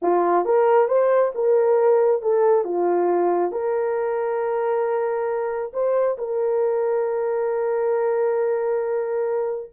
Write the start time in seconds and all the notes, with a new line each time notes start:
0.02 F4
0.45 A#4
0.87 C5
1.34 A#4
2.22 A4
2.64 F4
3.51 A#4
5.73 C5
6.17 A#4